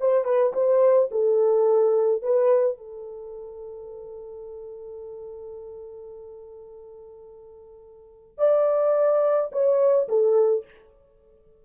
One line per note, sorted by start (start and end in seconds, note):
0.00 0.25 C5
0.25 0.53 B4
0.53 1.09 C5
1.11 2.23 A4
2.23 2.78 B4
2.78 8.38 A4
8.38 9.50 D5
9.52 10.08 C#5
10.09 10.65 A4